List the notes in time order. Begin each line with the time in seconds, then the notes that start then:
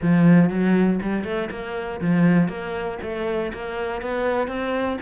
0.02 F3
0.49 F#3
1.02 G3
1.24 A3
1.50 A#3
2.00 F3
2.48 A#3
3.02 A3
3.53 A#3
4.01 B3
4.47 C4